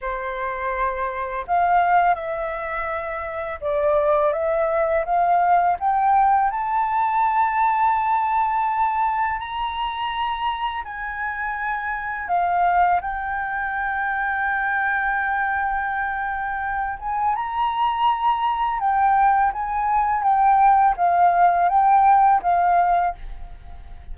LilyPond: \new Staff \with { instrumentName = "flute" } { \time 4/4 \tempo 4 = 83 c''2 f''4 e''4~ | e''4 d''4 e''4 f''4 | g''4 a''2.~ | a''4 ais''2 gis''4~ |
gis''4 f''4 g''2~ | g''2.~ g''8 gis''8 | ais''2 g''4 gis''4 | g''4 f''4 g''4 f''4 | }